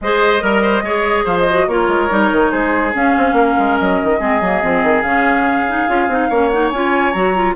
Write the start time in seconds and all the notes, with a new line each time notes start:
0.01 G#3 G#4 C5 D#5
0.40 G3 A#4
0.62 C5
0.82 G#3 G#4 C#5
1.24 F3 C5 F5
1.38 D#5
1.49 F#4
1.67 A#3 F4 A#4 C#5
1.87 G#3
2.09 G3 D#4
2.32 D#3
2.51 G#3 G#4 C5
2.94 C#4 F5
3.17 C4
3.33 A#3 A#4
3.58 G#3
3.78 F#3 D#5
4.02 D#3
4.19 G#3 C4 G#4
4.41 F#3 A#3
4.62 F3 C4
4.83 D#3
5.02 C#3 C#4 F5
5.68 D#4
5.88 C#4 F4
6.08 C4 D#4
6.29 A#3 C#4 C#5
6.48 D#4 F#5
6.70 C#4 F4 G#5
7.12 F#3 F#4 A#5
7.35 F4